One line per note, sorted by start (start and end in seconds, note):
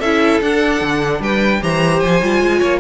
0.00 0.41 C#4
0.00 0.43 E4
0.00 1.20 A4
0.00 0.41 E5
0.42 0.81 D4
0.42 1.62 D4
0.42 1.23 F#5
0.81 1.20 D3
1.20 1.60 G3
1.20 1.62 B4
1.20 1.63 G5
1.62 2.03 E3
1.62 2.22 G4
1.62 2.59 C5
1.62 2.00 A#5
2.00 2.22 F3
2.00 2.80 G#5
2.22 2.42 G3
2.22 2.81 F4
2.42 2.62 G#3
2.59 2.81 A#3
2.59 2.79 C#5